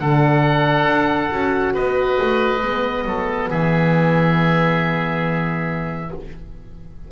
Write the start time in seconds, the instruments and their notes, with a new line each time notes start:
0.00 double bass D3, horn D4, oboe A4 F#5
0.87 double bass D4
1.32 double bass C#4, horn F#4
1.74 double bass B3, oboe B4 D#5
2.22 double bass A3
2.62 double bass G#3, horn B3
3.05 double bass F#3, oboe A4
3.50 double bass E3, oboe G#4 E5